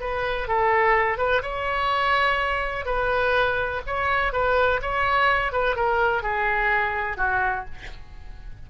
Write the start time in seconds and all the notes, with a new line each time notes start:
0.00 B4
0.48 A4
1.18 B4
1.42 C#5
2.85 B4
3.86 C#5
4.32 B4
4.82 C#5
5.52 B4
5.75 A#4
6.22 G#4
7.17 F#4